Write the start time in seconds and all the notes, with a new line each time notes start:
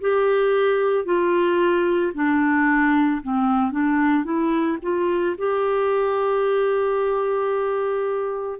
0.00 G4
1.05 F4
2.14 D4
3.22 C4
3.71 D4
4.24 E4
4.82 F4
5.38 G4